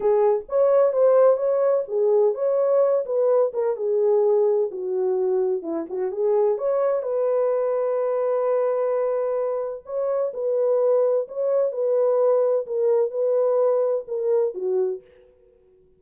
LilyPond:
\new Staff \with { instrumentName = "horn" } { \time 4/4 \tempo 4 = 128 gis'4 cis''4 c''4 cis''4 | gis'4 cis''4. b'4 ais'8 | gis'2 fis'2 | e'8 fis'8 gis'4 cis''4 b'4~ |
b'1~ | b'4 cis''4 b'2 | cis''4 b'2 ais'4 | b'2 ais'4 fis'4 | }